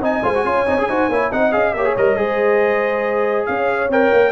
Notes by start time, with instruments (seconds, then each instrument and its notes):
0.00 tuba C4, trombone D#4, horn D#5, trumpet G#5
0.23 tuba G#3, trombone F4, horn C5
0.34 trombone F#4
0.44 tuba C#4, trombone F4, horn C#5
0.67 tuba C4, trombone D#4
0.78 tuba C#4, trombone G#4
0.89 tuba D#4, trombone F#4, horn C5
1.09 tuba A#3, trombone E4, horn C#5
1.31 tuba C4, trombone D#4, horn D#5, trumpet F#5
1.52 tuba C#4, trombone G#4, trumpet F5
1.74 tuba A#3, trombone G4, horn C#5, trumpet E5
1.85 trombone G#4
1.97 tuba G3, trombone A#4, trumpet D#5
2.17 tuba G#3, trombone G#4, horn C5
3.46 tuba C#4, horn C#5, trumpet F5
3.89 tuba C4, trombone A#4, trumpet G5
4.13 tuba A#3